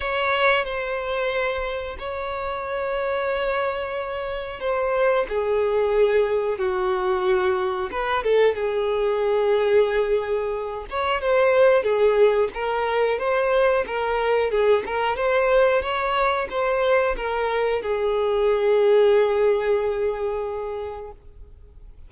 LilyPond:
\new Staff \with { instrumentName = "violin" } { \time 4/4 \tempo 4 = 91 cis''4 c''2 cis''4~ | cis''2. c''4 | gis'2 fis'2 | b'8 a'8 gis'2.~ |
gis'8 cis''8 c''4 gis'4 ais'4 | c''4 ais'4 gis'8 ais'8 c''4 | cis''4 c''4 ais'4 gis'4~ | gis'1 | }